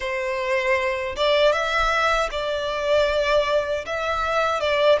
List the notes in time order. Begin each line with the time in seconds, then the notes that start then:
0.00 C5
1.16 D5
1.52 E5
2.31 D5
3.86 E5
4.60 D5